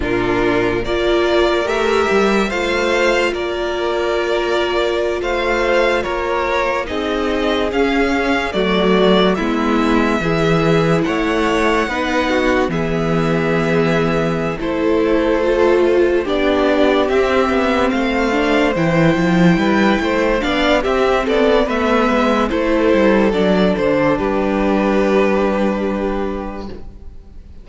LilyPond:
<<
  \new Staff \with { instrumentName = "violin" } { \time 4/4 \tempo 4 = 72 ais'4 d''4 e''4 f''4 | d''2~ d''16 f''4 cis''8.~ | cis''16 dis''4 f''4 d''4 e''8.~ | e''4~ e''16 fis''2 e''8.~ |
e''4. c''2 d''8~ | d''8 e''4 f''4 g''4.~ | g''8 f''8 e''8 d''8 e''4 c''4 | d''8 c''8 b'2. | }
  \new Staff \with { instrumentName = "violin" } { \time 4/4 f'4 ais'2 c''4 | ais'2~ ais'16 c''4 ais'8.~ | ais'16 gis'2 fis'4 e'8.~ | e'16 gis'4 cis''4 b'8 fis'8 gis'8.~ |
gis'4. a'2 g'8~ | g'4. c''2 b'8 | c''8 d''8 g'8 a'8 b'4 a'4~ | a'4 g'2. | }
  \new Staff \with { instrumentName = "viola" } { \time 4/4 d'4 f'4 g'4 f'4~ | f'1~ | f'16 dis'4 cis'4 a4 b8.~ | b16 e'2 dis'4 b8.~ |
b4. e'4 f'4 d'8~ | d'8 c'4. d'8 e'4.~ | e'8 d'8 c'4 b4 e'4 | d'1 | }
  \new Staff \with { instrumentName = "cello" } { \time 4/4 ais,4 ais4 a8 g8 a4 | ais2~ ais16 a4 ais8.~ | ais16 c'4 cis'4 fis4 gis8.~ | gis16 e4 a4 b4 e8.~ |
e4. a2 b8~ | b8 c'8 b8 a4 e8 f8 g8 | a8 b8 c'8 b8 a8 gis8 a8 g8 | fis8 d8 g2. | }
>>